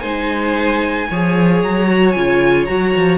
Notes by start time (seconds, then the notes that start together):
0.00 G#3 D#4 C5 G#5
1.10 F3 G#4 C#5
1.63 F#3 A#5
1.88 F#4
2.12 C#3 F4 G#5
2.65 F#3 F#4 A#5
2.96 F3